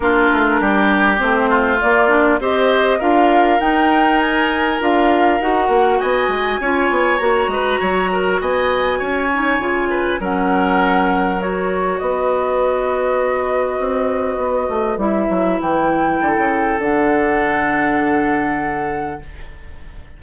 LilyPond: <<
  \new Staff \with { instrumentName = "flute" } { \time 4/4 \tempo 4 = 100 ais'2 c''4 d''4 | dis''4 f''4 g''4 gis''4 | f''4 fis''4 gis''2 | ais''2 gis''2~ |
gis''4 fis''2 cis''4 | dis''1~ | dis''4 e''4 g''2 | fis''1 | }
  \new Staff \with { instrumentName = "oboe" } { \time 4/4 f'4 g'4. f'4. | c''4 ais'2.~ | ais'2 dis''4 cis''4~ | cis''8 b'8 cis''8 ais'8 dis''4 cis''4~ |
cis''8 b'8 ais'2. | b'1~ | b'2. a'4~ | a'1 | }
  \new Staff \with { instrumentName = "clarinet" } { \time 4/4 d'2 c'4 ais8 d'8 | g'4 f'4 dis'2 | f'4 fis'2 f'4 | fis'2.~ fis'8 dis'8 |
f'4 cis'2 fis'4~ | fis'1~ | fis'4 e'2. | d'1 | }
  \new Staff \with { instrumentName = "bassoon" } { \time 4/4 ais8 a8 g4 a4 ais4 | c'4 d'4 dis'2 | d'4 dis'8 ais8 b8 gis8 cis'8 b8 | ais8 gis8 fis4 b4 cis'4 |
cis4 fis2. | b2. c'4 | b8 a8 g8 fis8 e4 d16 cis8. | d1 | }
>>